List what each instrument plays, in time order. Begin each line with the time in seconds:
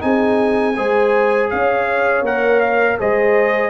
0.00 tuba C4, trombone D#4, horn G#4, trumpet G#5
0.77 tuba G#3, trombone G#4, horn C5
1.51 tuba C#4, horn C#5, trumpet F5
2.22 tuba A#3, trombone A#4, trumpet F#5
2.61 trumpet F5
3.00 tuba G#3, trombone G#4, horn C5, trumpet D#5